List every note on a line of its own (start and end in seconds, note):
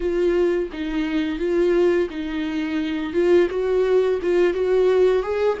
0.00 0.69 F4
0.72 1.38 D#4
1.38 2.08 F4
2.10 3.13 D#4
3.13 3.48 F4
3.49 4.19 F#4
4.22 4.53 F4
4.53 5.23 F#4
5.23 5.58 G#4